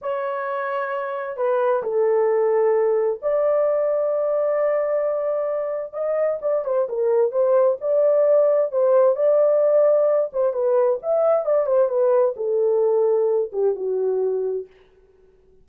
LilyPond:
\new Staff \with { instrumentName = "horn" } { \time 4/4 \tempo 4 = 131 cis''2. b'4 | a'2. d''4~ | d''1~ | d''4 dis''4 d''8 c''8 ais'4 |
c''4 d''2 c''4 | d''2~ d''8 c''8 b'4 | e''4 d''8 c''8 b'4 a'4~ | a'4. g'8 fis'2 | }